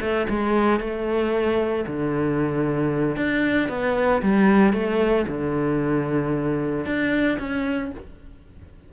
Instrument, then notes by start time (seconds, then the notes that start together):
cello
0.00 A3
0.29 G#3
0.79 A3
1.86 D3
3.16 D4
3.68 B3
4.22 G3
4.73 A3
5.28 D3
6.85 D4
7.38 C#4